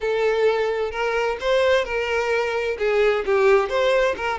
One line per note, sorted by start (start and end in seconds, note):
0.00 0.91 A4
0.91 1.37 A#4
1.40 1.85 C5
1.85 2.77 A#4
2.78 3.24 G#4
3.25 3.69 G4
3.69 4.15 C5
4.16 4.39 A#4